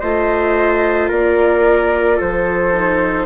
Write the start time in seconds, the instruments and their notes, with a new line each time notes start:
0.00 bassoon A3, viola F4, trumpet C5, flute D#5
1.09 bassoon A#3, trumpet A#4, flute D5
2.17 bassoon F3, trumpet A4, flute C5
2.74 viola D#4